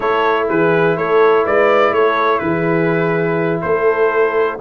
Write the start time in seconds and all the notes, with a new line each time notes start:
0.00 A3 E4 A4 C#5
0.48 E3 G#4 B4
0.96 A3 A4 C#5
1.44 G#3 B4 D5
1.92 A3 A4 C#5
2.38 E3 G#4 B4
3.61 A3 A4 C5